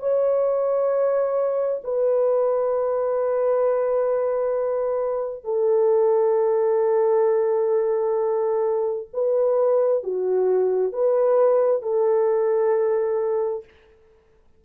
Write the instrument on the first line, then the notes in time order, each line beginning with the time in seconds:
horn
0.00 C#5
1.84 B4
5.44 A4
9.14 B4
10.04 F#4
10.93 B4
11.83 A4